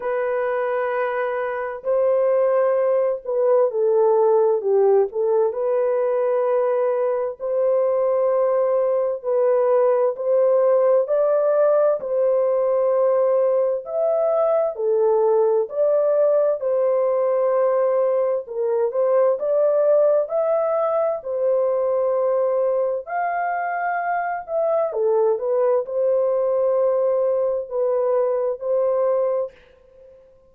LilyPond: \new Staff \with { instrumentName = "horn" } { \time 4/4 \tempo 4 = 65 b'2 c''4. b'8 | a'4 g'8 a'8 b'2 | c''2 b'4 c''4 | d''4 c''2 e''4 |
a'4 d''4 c''2 | ais'8 c''8 d''4 e''4 c''4~ | c''4 f''4. e''8 a'8 b'8 | c''2 b'4 c''4 | }